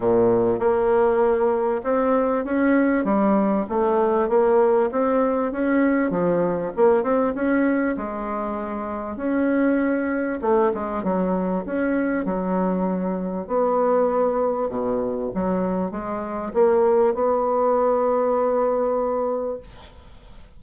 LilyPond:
\new Staff \with { instrumentName = "bassoon" } { \time 4/4 \tempo 4 = 98 ais,4 ais2 c'4 | cis'4 g4 a4 ais4 | c'4 cis'4 f4 ais8 c'8 | cis'4 gis2 cis'4~ |
cis'4 a8 gis8 fis4 cis'4 | fis2 b2 | b,4 fis4 gis4 ais4 | b1 | }